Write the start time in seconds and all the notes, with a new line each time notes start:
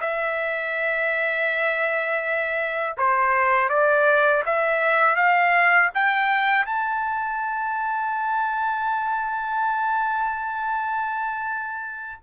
0.00 E5
2.97 C5
3.69 D5
4.45 E5
5.16 F5
5.94 G5
6.65 A5